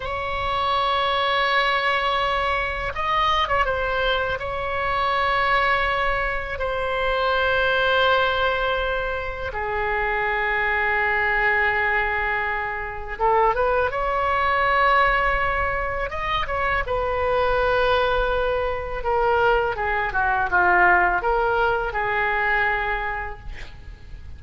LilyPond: \new Staff \with { instrumentName = "oboe" } { \time 4/4 \tempo 4 = 82 cis''1 | dis''8. cis''16 c''4 cis''2~ | cis''4 c''2.~ | c''4 gis'2.~ |
gis'2 a'8 b'8 cis''4~ | cis''2 dis''8 cis''8 b'4~ | b'2 ais'4 gis'8 fis'8 | f'4 ais'4 gis'2 | }